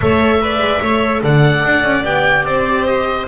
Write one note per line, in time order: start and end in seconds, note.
0.00 0.59 A3
0.00 0.41 A4
0.00 0.42 C#5
0.00 1.22 E5
0.41 0.82 B4
0.41 0.81 D5
0.59 0.79 G#3
0.81 1.22 A3
0.81 2.04 A4
0.81 1.22 C#5
1.22 1.63 D3
1.22 2.45 D5
1.22 2.04 F#5
1.64 1.83 D4
1.83 2.03 C#4
2.03 2.44 B3
2.03 3.27 G4
2.03 2.45 G5
2.44 3.26 C4
2.44 3.27 C5
2.44 2.86 D5
2.86 3.27 D#5